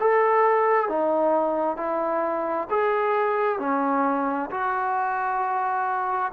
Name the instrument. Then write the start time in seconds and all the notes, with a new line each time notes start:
trombone
0.00 A4
0.89 D#4
1.77 E4
2.70 G#4
3.59 C#4
4.50 F#4